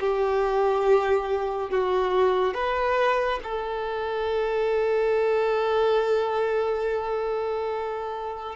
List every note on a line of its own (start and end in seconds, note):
0.00 1.70 G4
1.70 2.54 F#4
2.54 3.39 B4
3.43 8.56 A4